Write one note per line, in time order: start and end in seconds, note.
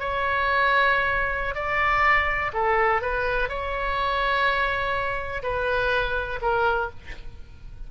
0.00 1.55 C#5
1.55 2.52 D5
2.54 3.02 A4
3.02 3.49 B4
3.49 5.43 C#5
5.43 6.40 B4
6.42 6.91 A#4